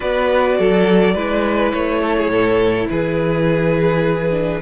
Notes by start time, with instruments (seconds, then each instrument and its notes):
0.00 cello B3, viola F#4, violin B4 D5
0.58 cello F#3, violin A4
1.14 cello G#3, viola E4, violin B4
1.71 cello A3, violin C#5
2.02 violin A4
2.17 violin G#4
2.27 cello A2, violin A4
2.89 cello E3, violin G#4 B4
4.30 viola D4